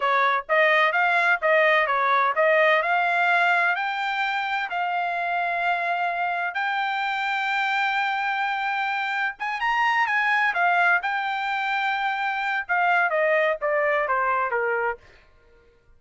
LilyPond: \new Staff \with { instrumentName = "trumpet" } { \time 4/4 \tempo 4 = 128 cis''4 dis''4 f''4 dis''4 | cis''4 dis''4 f''2 | g''2 f''2~ | f''2 g''2~ |
g''1 | gis''8 ais''4 gis''4 f''4 g''8~ | g''2. f''4 | dis''4 d''4 c''4 ais'4 | }